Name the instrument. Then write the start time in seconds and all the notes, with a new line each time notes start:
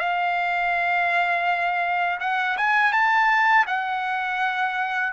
trumpet
0.00 F5
2.21 F#5
2.58 G#5
2.93 A5
3.67 F#5